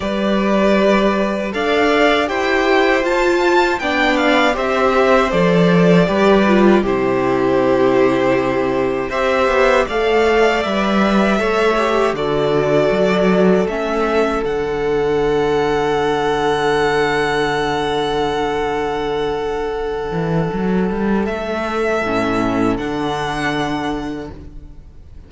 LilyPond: <<
  \new Staff \with { instrumentName = "violin" } { \time 4/4 \tempo 4 = 79 d''2 f''4 g''4 | a''4 g''8 f''8 e''4 d''4~ | d''4 c''2. | e''4 f''4 e''2 |
d''2 e''4 fis''4~ | fis''1~ | fis''1 | e''2 fis''2 | }
  \new Staff \with { instrumentName = "violin" } { \time 4/4 b'2 d''4 c''4~ | c''4 d''4 c''2 | b'4 g'2. | c''4 d''2 cis''4 |
a'1~ | a'1~ | a'1~ | a'1 | }
  \new Staff \with { instrumentName = "viola" } { \time 4/4 g'2 a'4 g'4 | f'4 d'4 g'4 a'4 | g'8 f'8 e'2. | g'4 a'4 b'4 a'8 g'8 |
fis'2 cis'4 d'4~ | d'1~ | d'1~ | d'4 cis'4 d'2 | }
  \new Staff \with { instrumentName = "cello" } { \time 4/4 g2 d'4 e'4 | f'4 b4 c'4 f4 | g4 c2. | c'8 b8 a4 g4 a4 |
d4 fis4 a4 d4~ | d1~ | d2~ d8 e8 fis8 g8 | a4 a,4 d2 | }
>>